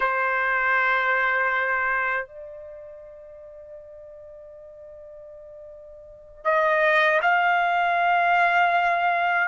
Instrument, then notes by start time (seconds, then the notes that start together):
trumpet
0.00 C5
2.26 D5
6.44 D#5
7.22 F5